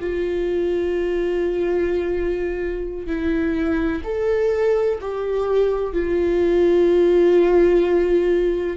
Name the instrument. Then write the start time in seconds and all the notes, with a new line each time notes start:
viola
0.00 F4
3.07 E4
4.04 A4
5.01 G4
5.93 F4